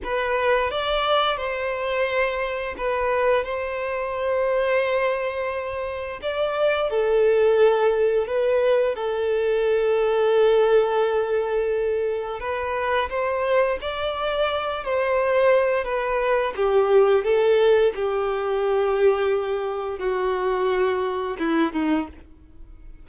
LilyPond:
\new Staff \with { instrumentName = "violin" } { \time 4/4 \tempo 4 = 87 b'4 d''4 c''2 | b'4 c''2.~ | c''4 d''4 a'2 | b'4 a'2.~ |
a'2 b'4 c''4 | d''4. c''4. b'4 | g'4 a'4 g'2~ | g'4 fis'2 e'8 dis'8 | }